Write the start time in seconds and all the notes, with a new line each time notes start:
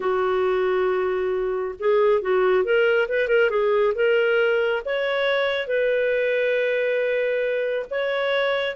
0.00 F#4
1.79 G#4
2.21 F#4
2.64 A#4
3.08 B4
3.28 A#4
3.49 G#4
3.94 A#4
4.85 C#5
5.67 B4
7.90 C#5